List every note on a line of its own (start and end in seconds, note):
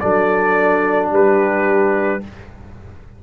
0.00 1.10 F#3
0.00 2.21 D4
0.00 1.10 A4
0.00 1.09 D5
1.10 2.20 G3
1.10 2.23 G4
1.10 2.23 B4